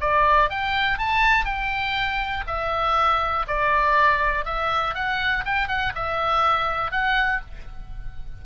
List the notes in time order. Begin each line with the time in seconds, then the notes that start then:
0.00 D5
0.50 G5
0.98 A5
1.45 G5
2.47 E5
3.47 D5
4.45 E5
4.94 F#5
5.45 G5
5.68 F#5
5.95 E5
6.91 F#5